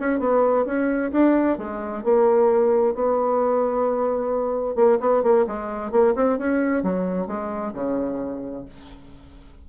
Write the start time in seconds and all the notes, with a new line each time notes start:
0.00 C#4
0.20 B3
0.66 C#4
1.12 D4
1.58 G#3
2.04 A#3
2.95 B3
4.76 A#3
5.01 B3
5.23 A#3
5.47 G#3
5.92 A#3
6.15 C4
6.39 C#4
6.83 F#3
7.27 G#3
7.73 C#3